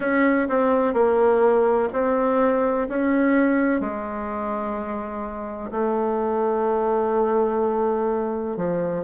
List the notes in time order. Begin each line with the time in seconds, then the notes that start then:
0.00 C#4
0.48 C4
0.93 A#3
1.93 C4
2.88 C#4
3.80 G#3
5.71 A3
8.57 F3